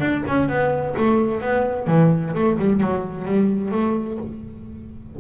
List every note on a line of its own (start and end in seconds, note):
0.00 0.23 D4
0.27 0.49 C#4
0.49 0.95 B3
0.97 1.41 A3
1.41 1.87 B3
1.87 2.34 E3
2.34 2.58 A3
2.59 2.80 G3
2.80 3.25 F#3
3.25 3.71 G3
3.71 4.18 A3